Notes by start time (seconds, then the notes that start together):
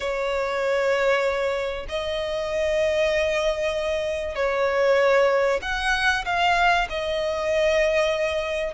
0.00 C#5
1.89 D#5
4.35 C#5
5.62 F#5
6.25 F5
6.89 D#5